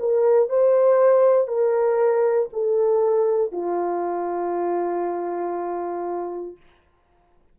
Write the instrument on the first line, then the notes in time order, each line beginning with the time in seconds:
horn
0.00 A#4
0.50 C5
1.48 A#4
2.53 A4
3.52 F4